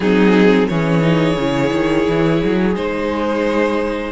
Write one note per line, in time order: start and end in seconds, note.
0.00 0.67 F#3
0.00 0.70 C4
0.00 0.69 D#4
0.00 0.67 G#4
0.67 1.36 E3
0.67 1.01 C#4
0.67 4.11 G#4
0.67 2.74 C#5
1.01 1.35 D#4
1.36 1.71 C#3
1.36 2.74 E4
1.73 2.07 D#3
2.08 2.42 E3
2.44 2.75 F#3
2.74 4.11 G#3
2.74 4.11 D#4
2.74 4.11 C5